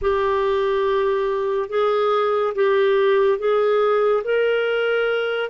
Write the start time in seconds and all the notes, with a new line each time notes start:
0.01 G4
1.69 G#4
2.54 G4
3.38 G#4
4.24 A#4